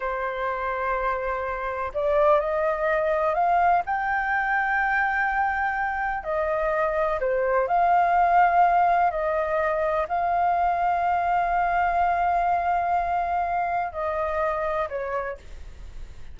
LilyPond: \new Staff \with { instrumentName = "flute" } { \time 4/4 \tempo 4 = 125 c''1 | d''4 dis''2 f''4 | g''1~ | g''4 dis''2 c''4 |
f''2. dis''4~ | dis''4 f''2.~ | f''1~ | f''4 dis''2 cis''4 | }